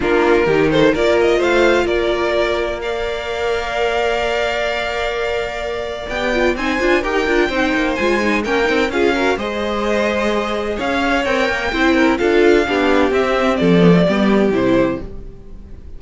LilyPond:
<<
  \new Staff \with { instrumentName = "violin" } { \time 4/4 \tempo 4 = 128 ais'4. c''8 d''8 dis''8 f''4 | d''2 f''2~ | f''1~ | f''4 g''4 gis''4 g''4~ |
g''4 gis''4 g''4 f''4 | dis''2. f''4 | g''2 f''2 | e''4 d''2 c''4 | }
  \new Staff \with { instrumentName = "violin" } { \time 4/4 f'4 g'8 a'8 ais'4 c''4 | ais'2 d''2~ | d''1~ | d''2 c''4 ais'4 |
c''2 ais'4 gis'8 ais'8 | c''2. cis''4~ | cis''4 c''8 ais'8 a'4 g'4~ | g'4 a'4 g'2 | }
  \new Staff \with { instrumentName = "viola" } { \time 4/4 d'4 dis'4 f'2~ | f'2 ais'2~ | ais'1~ | ais'4 g'8 f'8 dis'8 f'8 g'8 f'8 |
dis'4 f'8 dis'8 cis'8 dis'8 f'8 fis'8 | gis'1 | ais'4 e'4 f'4 d'4 | c'4. b16 a16 b4 e'4 | }
  \new Staff \with { instrumentName = "cello" } { \time 4/4 ais4 dis4 ais4 a4 | ais1~ | ais1~ | ais4 b4 c'8 d'8 dis'8 d'8 |
c'8 ais8 gis4 ais8 c'8 cis'4 | gis2. cis'4 | c'8 ais8 c'4 d'4 b4 | c'4 f4 g4 c4 | }
>>